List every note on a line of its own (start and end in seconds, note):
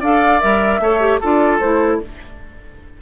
0.00 0.41 D4
0.00 0.40 A4
0.00 0.80 D5
0.00 0.40 F5
0.40 0.79 G3
0.40 0.80 A#4
0.40 1.20 E5
0.79 1.19 A3
0.79 1.00 A4
0.79 1.20 C#5
1.00 1.20 G4
1.20 1.60 D4
1.20 1.61 F4
1.20 2.00 A4
1.20 1.59 D5
1.59 2.00 A3
1.59 2.01 E4
1.59 1.99 C5